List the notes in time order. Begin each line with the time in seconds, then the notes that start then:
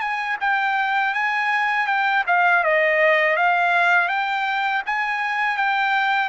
0.00 G#5
0.41 G5
1.14 G#5
1.87 G5
2.27 F5
2.64 D#5
3.37 F5
4.09 G5
4.86 G#5
5.57 G5